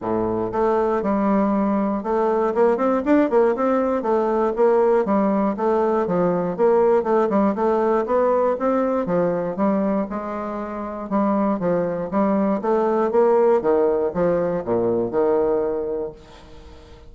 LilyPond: \new Staff \with { instrumentName = "bassoon" } { \time 4/4 \tempo 4 = 119 a,4 a4 g2 | a4 ais8 c'8 d'8 ais8 c'4 | a4 ais4 g4 a4 | f4 ais4 a8 g8 a4 |
b4 c'4 f4 g4 | gis2 g4 f4 | g4 a4 ais4 dis4 | f4 ais,4 dis2 | }